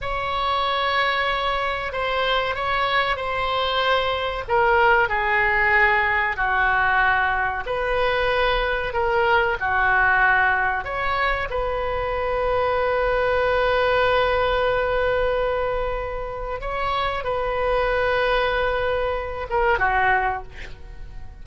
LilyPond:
\new Staff \with { instrumentName = "oboe" } { \time 4/4 \tempo 4 = 94 cis''2. c''4 | cis''4 c''2 ais'4 | gis'2 fis'2 | b'2 ais'4 fis'4~ |
fis'4 cis''4 b'2~ | b'1~ | b'2 cis''4 b'4~ | b'2~ b'8 ais'8 fis'4 | }